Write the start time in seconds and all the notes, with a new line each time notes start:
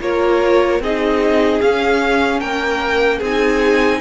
0.00 A#3 F4 A#4 C#5
0.80 C4 D#4 G#4 D#5
1.61 C#4 F5
2.40 A#3 A#4 G5
3.19 C4 D#4 G#4 G#5